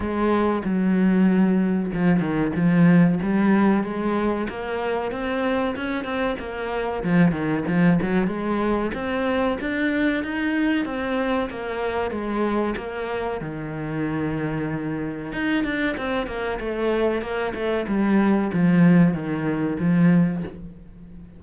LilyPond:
\new Staff \with { instrumentName = "cello" } { \time 4/4 \tempo 4 = 94 gis4 fis2 f8 dis8 | f4 g4 gis4 ais4 | c'4 cis'8 c'8 ais4 f8 dis8 | f8 fis8 gis4 c'4 d'4 |
dis'4 c'4 ais4 gis4 | ais4 dis2. | dis'8 d'8 c'8 ais8 a4 ais8 a8 | g4 f4 dis4 f4 | }